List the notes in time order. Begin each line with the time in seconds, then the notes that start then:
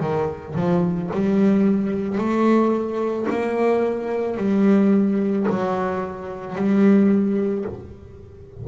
0.00 D#3
0.55 F3
1.13 G3
2.18 A3
3.30 A#3
4.37 G3
5.49 F#3
6.56 G3